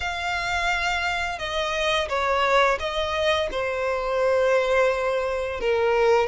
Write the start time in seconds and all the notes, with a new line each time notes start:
0.00 F5
1.38 D#5
2.08 C#5
2.79 D#5
3.51 C5
5.60 A#4